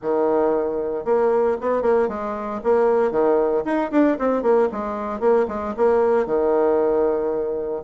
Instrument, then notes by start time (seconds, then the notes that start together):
bassoon
0.02 D#3
1.05 A#3
1.61 B3
1.82 A#3
2.08 G#3
2.63 A#3
3.11 D#3
3.65 D#4
3.91 D4
4.18 C4
4.42 A#3
4.72 G#3
5.20 A#3
5.48 G#3
5.76 A#3
6.26 D#3